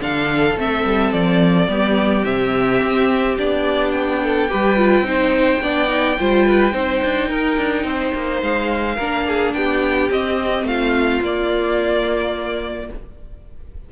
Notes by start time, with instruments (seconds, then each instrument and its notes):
0.00 cello D3, viola D4, violin A4 F5
0.57 cello A3, viola C4, violin E5
0.85 cello G3
1.13 cello F3, violin D5
1.68 cello G3, viola B3, violin G4
2.24 cello C3, viola C4, violin E5
2.82 cello C4
3.38 cello B3, viola D4, violin D5
3.92 violin G5
4.23 violin A4
4.49 cello G3, viola G4, violin B4
4.77 viola F4
5.01 cello C4, viola D#4
5.07 violin C5
5.62 cello B3, viola D4, violin D5
5.88 viola D#4
6.19 cello G3, viola F4, violin C5
6.46 violin B4
6.71 cello C4, viola D#4, violin C5
7.04 cello D4
7.29 cello D#4, violin A#4
7.58 cello D4
7.84 cello C4, violin C5
8.15 cello A#3
8.42 cello G#3, violin F5
8.96 cello A#3, viola D4, violin A#4
9.28 violin G#4
9.54 cello B3, violin G4 G5
10.11 viola C4, cello C4, violin D#5
10.64 cello A3, violin F4 F5
11.21 cello A#3, viola A#3, violin D5